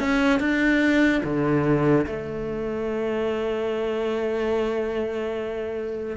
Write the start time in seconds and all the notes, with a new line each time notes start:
0.00 C#4
0.40 D4
1.24 D3
2.07 A3